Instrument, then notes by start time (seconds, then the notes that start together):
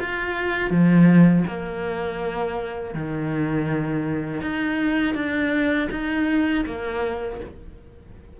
cello
0.00 F4
0.70 F3
1.47 A#3
2.94 D#3
4.41 D#4
5.14 D4
5.91 D#4
6.66 A#3